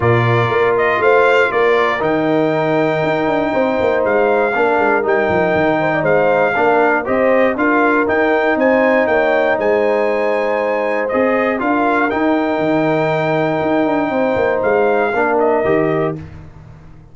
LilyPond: <<
  \new Staff \with { instrumentName = "trumpet" } { \time 4/4 \tempo 4 = 119 d''4. dis''8 f''4 d''4 | g''1 | f''2 g''2 | f''2 dis''4 f''4 |
g''4 gis''4 g''4 gis''4~ | gis''2 dis''4 f''4 | g''1~ | g''4 f''4. dis''4. | }
  \new Staff \with { instrumentName = "horn" } { \time 4/4 ais'2 c''4 ais'4~ | ais'2. c''4~ | c''4 ais'2~ ais'8 c''16 d''16 | c''4 ais'4 c''4 ais'4~ |
ais'4 c''4 cis''4 c''4~ | c''2. ais'4~ | ais'1 | c''2 ais'2 | }
  \new Staff \with { instrumentName = "trombone" } { \time 4/4 f'1 | dis'1~ | dis'4 d'4 dis'2~ | dis'4 d'4 g'4 f'4 |
dis'1~ | dis'2 gis'4 f'4 | dis'1~ | dis'2 d'4 g'4 | }
  \new Staff \with { instrumentName = "tuba" } { \time 4/4 ais,4 ais4 a4 ais4 | dis2 dis'8 d'8 c'8 ais8 | gis4 ais8 gis8 g8 f8 dis4 | gis4 ais4 c'4 d'4 |
dis'4 c'4 ais4 gis4~ | gis2 c'4 d'4 | dis'4 dis2 dis'8 d'8 | c'8 ais8 gis4 ais4 dis4 | }
>>